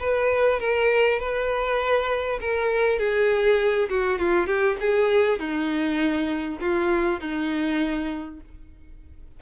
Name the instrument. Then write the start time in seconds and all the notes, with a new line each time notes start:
violin
0.00 B4
0.60 A#4
1.19 B4
2.41 A#4
2.99 G#4
3.89 F#4
4.19 F4
4.47 G4
4.80 G#4
5.39 D#4
6.60 F4
7.20 D#4